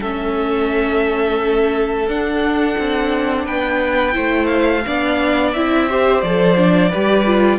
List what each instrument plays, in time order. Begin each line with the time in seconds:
0.00 cello A3, viola C#4, violin A4 E5
2.07 cello D4, viola D4, violin F#5
2.77 cello C4
3.45 cello B3, violin B4 G5
4.12 cello A3, viola E4, violin C5
4.46 violin F5
4.86 cello B3, viola D4, violin D5
5.53 cello C4, viola E4, violin E5
5.89 viola G4, violin C5
6.21 cello F3, viola A4, violin D5
6.56 viola D4
6.89 cello G3, viola G4, violin B4
7.25 viola F4